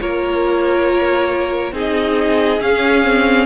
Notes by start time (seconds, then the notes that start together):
0.00 A#3 F4 A#4 C#5
1.72 C4 D#4 G#4
1.79 D#5
2.60 C#4 F5
3.04 C4